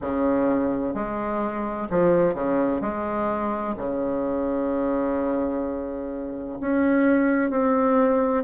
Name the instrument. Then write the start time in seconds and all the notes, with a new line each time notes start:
bassoon
0.01 C#3
0.94 G#3
1.90 F3
2.34 C#3
2.81 G#3
3.77 C#3
6.60 C#4
7.50 C4